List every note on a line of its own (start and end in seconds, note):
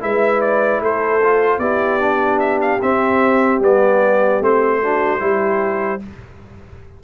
0.00 0.80 G#3
0.00 1.20 E4
0.00 0.82 B4
0.00 0.41 E5
0.41 0.81 D5
0.80 1.58 A3
0.80 1.59 A4
0.80 1.59 C5
1.23 1.61 F4
1.58 2.78 B3
1.58 2.00 E4
1.58 4.79 G4
1.58 2.39 D5
2.00 2.80 D4
2.39 2.59 E5
2.61 2.81 F5
2.82 3.60 C4
2.82 3.62 C4
2.82 3.62 E5
3.60 4.40 G3
3.60 4.42 B3
3.60 4.43 D5
4.40 5.20 A3
4.40 4.82 C4
4.40 6.03 C5
4.82 5.20 D4
4.82 5.22 F#4
5.20 6.01 G3
5.20 6.00 E4
5.20 6.02 G4